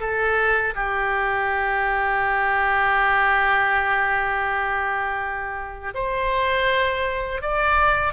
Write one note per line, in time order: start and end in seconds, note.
0.00 0.74 A4
0.75 5.94 G4
5.94 7.41 C5
7.41 8.13 D5